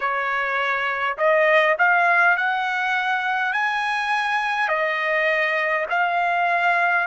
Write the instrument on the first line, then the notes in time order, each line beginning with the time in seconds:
trumpet
0.00 C#5
1.17 D#5
1.78 F5
2.36 F#5
3.52 G#5
4.68 D#5
5.89 F5